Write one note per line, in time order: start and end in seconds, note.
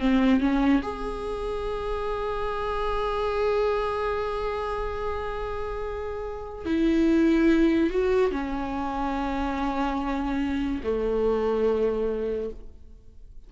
0.00 0.41 C4
0.41 0.82 C#4
0.82 6.66 G#4
6.66 7.91 E4
7.91 8.32 F#4
8.32 10.82 C#4
10.84 12.50 A3